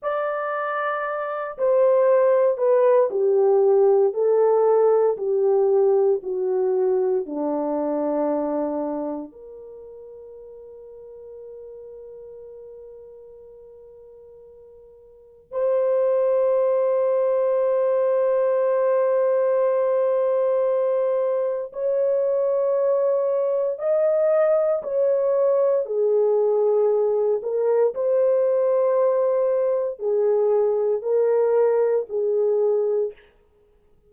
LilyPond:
\new Staff \with { instrumentName = "horn" } { \time 4/4 \tempo 4 = 58 d''4. c''4 b'8 g'4 | a'4 g'4 fis'4 d'4~ | d'4 ais'2.~ | ais'2. c''4~ |
c''1~ | c''4 cis''2 dis''4 | cis''4 gis'4. ais'8 c''4~ | c''4 gis'4 ais'4 gis'4 | }